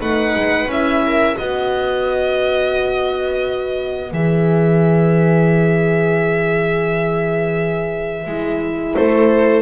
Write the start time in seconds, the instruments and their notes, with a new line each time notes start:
0.00 double bass A3, horn D#4, viola B4, violin F#5
0.36 double bass G#3
0.67 double bass C#4, horn E4, violin E5
1.06 viola A#4
1.37 double bass B3, horn F#4, viola B4, violin D#5
4.12 double bass E3, horn G#4, violin E5
8.27 double bass G#3, horn E4
8.96 double bass A3, viola A4, violin C5